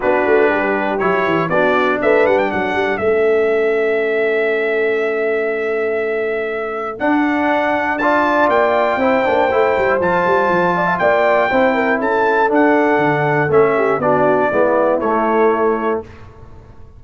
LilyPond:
<<
  \new Staff \with { instrumentName = "trumpet" } { \time 4/4 \tempo 4 = 120 b'2 cis''4 d''4 | e''8 fis''16 g''16 fis''4 e''2~ | e''1~ | e''2 fis''2 |
a''4 g''2. | a''2 g''2 | a''4 fis''2 e''4 | d''2 cis''2 | }
  \new Staff \with { instrumentName = "horn" } { \time 4/4 fis'4 g'2 fis'4 | b'4 a'2.~ | a'1~ | a'1 |
d''2 c''2~ | c''4. d''16 e''16 d''4 c''8 ais'8 | a'2.~ a'8 g'8 | fis'4 e'2. | }
  \new Staff \with { instrumentName = "trombone" } { \time 4/4 d'2 e'4 d'4~ | d'2 cis'2~ | cis'1~ | cis'2 d'2 |
f'2 e'8 d'8 e'4 | f'2. e'4~ | e'4 d'2 cis'4 | d'4 b4 a2 | }
  \new Staff \with { instrumentName = "tuba" } { \time 4/4 b8 a8 g4 fis8 e8 b4 | a8 g8 fis8 g8 a2~ | a1~ | a2 d'2~ |
d'4 ais4 c'8 ais8 a8 g8 | f8 g8 f4 ais4 c'4 | cis'4 d'4 d4 a4 | b4 gis4 a2 | }
>>